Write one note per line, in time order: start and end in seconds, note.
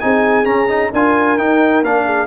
0.00 0.46 C4
0.00 0.45 D#4
0.00 0.91 G#4
0.00 0.45 G#5
0.45 0.68 C#4
0.45 0.91 C#4
0.45 0.91 A#5
0.69 0.92 D#4
0.91 1.38 D4
0.91 1.38 F4
0.91 2.04 A#4
0.91 1.38 G#5
1.38 1.83 D#4
1.38 1.84 D#4
1.38 1.83 G5
1.83 2.27 A#3
1.83 2.27 D4
1.83 2.27 F5
2.05 2.27 G#4